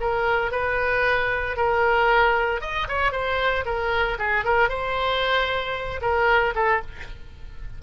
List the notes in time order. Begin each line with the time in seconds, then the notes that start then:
0.00 A#4
0.51 B4
1.56 A#4
2.61 D#5
2.88 C#5
3.12 C5
3.65 A#4
4.18 G#4
4.45 A#4
4.69 C5
6.01 A#4
6.55 A4